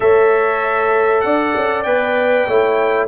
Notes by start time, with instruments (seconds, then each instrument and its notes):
0.00 tuba A3, trombone A4, horn C#5, trumpet E5
1.20 tuba D4, horn D5, trumpet F#5
1.55 tuba C#4
1.83 tuba B3, trombone B4, trumpet G5
2.47 tuba A3, trombone E4, horn C#5